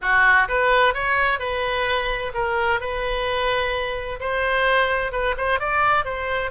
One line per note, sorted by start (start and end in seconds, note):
0.01 0.48 F#4
0.48 0.94 B4
0.94 1.39 C#5
1.39 2.32 B4
2.33 2.80 A#4
2.80 4.19 B4
4.20 5.12 C5
5.12 5.35 B4
5.37 5.59 C5
5.59 6.04 D5
6.04 6.51 C5